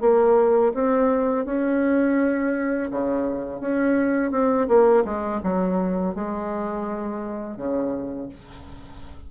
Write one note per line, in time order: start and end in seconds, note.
0.00 0.72 A#3
0.74 1.45 C4
1.45 2.89 C#4
2.90 3.60 C#3
3.60 4.31 C#4
4.31 4.67 C4
4.68 5.04 A#3
5.04 5.41 G#3
5.43 6.14 F#3
6.14 7.56 G#3
7.56 8.29 C#3